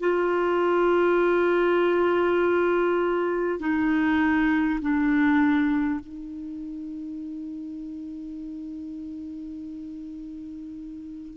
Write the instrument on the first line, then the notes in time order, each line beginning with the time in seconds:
clarinet
0.00 F4
3.59 D#4
4.81 D4
5.99 D#4